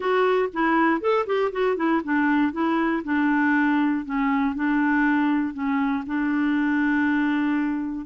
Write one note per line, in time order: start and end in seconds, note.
0.00 0.49 F#4
0.53 1.01 E4
1.01 1.26 A4
1.26 1.51 G4
1.52 1.76 F#4
1.76 2.01 E4
2.04 2.52 D4
2.52 3.03 E4
3.04 4.05 D4
4.05 4.55 C#4
4.55 5.53 D4
5.53 6.04 C#4
6.06 8.06 D4